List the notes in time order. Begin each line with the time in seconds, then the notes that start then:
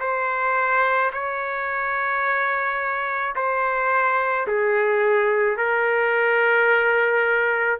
0.00 C5
1.12 C#5
3.35 C5
4.47 G#4
5.57 A#4